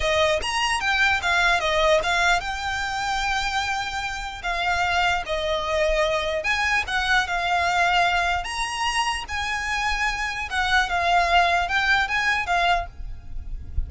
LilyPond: \new Staff \with { instrumentName = "violin" } { \time 4/4 \tempo 4 = 149 dis''4 ais''4 g''4 f''4 | dis''4 f''4 g''2~ | g''2. f''4~ | f''4 dis''2. |
gis''4 fis''4 f''2~ | f''4 ais''2 gis''4~ | gis''2 fis''4 f''4~ | f''4 g''4 gis''4 f''4 | }